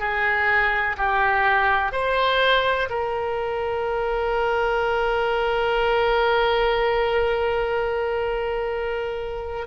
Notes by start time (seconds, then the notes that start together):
0.00 G#4
0.98 G4
1.93 C5
2.90 A#4